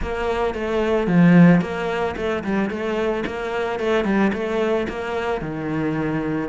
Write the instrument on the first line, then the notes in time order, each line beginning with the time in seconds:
cello
0.02 A#3
0.54 A3
1.07 F3
1.61 A#3
2.16 A3
2.43 G3
2.70 A3
3.26 A#3
3.79 A3
4.04 G3
4.33 A3
4.88 A#3
5.41 D#3